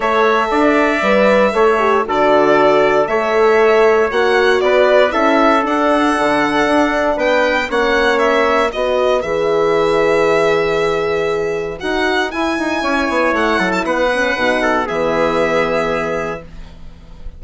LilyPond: <<
  \new Staff \with { instrumentName = "violin" } { \time 4/4 \tempo 4 = 117 e''1 | d''2 e''2 | fis''4 d''4 e''4 fis''4~ | fis''2 g''4 fis''4 |
e''4 dis''4 e''2~ | e''2. fis''4 | gis''2 fis''8. a''16 fis''4~ | fis''4 e''2. | }
  \new Staff \with { instrumentName = "trumpet" } { \time 4/4 cis''4 d''2 cis''4 | a'2 cis''2~ | cis''4 b'4 a'2~ | a'2 b'4 cis''4~ |
cis''4 b'2.~ | b'1~ | b'4 cis''4. a'8 b'4~ | b'8 a'8 gis'2. | }
  \new Staff \with { instrumentName = "horn" } { \time 4/4 a'2 b'4 a'8 g'8 | fis'2 a'2 | fis'2 e'4 d'4~ | d'2. cis'4~ |
cis'4 fis'4 gis'2~ | gis'2. fis'4 | e'2.~ e'8 cis'8 | dis'4 b2. | }
  \new Staff \with { instrumentName = "bassoon" } { \time 4/4 a4 d'4 g4 a4 | d2 a2 | ais4 b4 cis'4 d'4 | d4 d'4 b4 ais4~ |
ais4 b4 e2~ | e2. dis'4 | e'8 dis'8 cis'8 b8 a8 fis8 b4 | b,4 e2. | }
>>